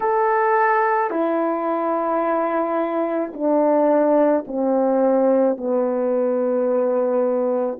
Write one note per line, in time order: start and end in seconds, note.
0.00 1.10 A4
1.10 3.32 E4
3.33 4.44 D4
4.47 5.57 C4
5.57 7.79 B3